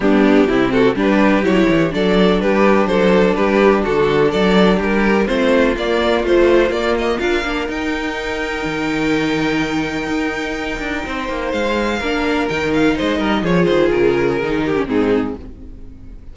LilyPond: <<
  \new Staff \with { instrumentName = "violin" } { \time 4/4 \tempo 4 = 125 g'4. a'8 b'4 cis''4 | d''4 b'4 c''4 b'4 | a'4 d''4 ais'4 c''4 | d''4 c''4 d''8 dis''8 f''4 |
g''1~ | g''1 | f''2 g''8 f''8 dis''4 | cis''8 c''8 ais'2 gis'4 | }
  \new Staff \with { instrumentName = "violin" } { \time 4/4 d'4 e'8 fis'8 g'2 | a'4 g'4 a'4 g'4 | fis'4 a'4 g'4 f'4~ | f'2. ais'4~ |
ais'1~ | ais'2. c''4~ | c''4 ais'2 c''8 ais'8 | gis'2~ gis'8 g'8 dis'4 | }
  \new Staff \with { instrumentName = "viola" } { \time 4/4 b4 c'4 d'4 e'4 | d'1~ | d'2. c'4 | ais4 f4 ais4 f'8 d'8 |
dis'1~ | dis'1~ | dis'4 d'4 dis'2 | f'2 dis'8. cis'16 c'4 | }
  \new Staff \with { instrumentName = "cello" } { \time 4/4 g4 c4 g4 fis8 e8 | fis4 g4 fis4 g4 | d4 fis4 g4 a4 | ais4 a4 ais4 d'8 ais8 |
dis'2 dis2~ | dis4 dis'4. d'8 c'8 ais8 | gis4 ais4 dis4 gis8 g8 | f8 dis8 cis4 dis4 gis,4 | }
>>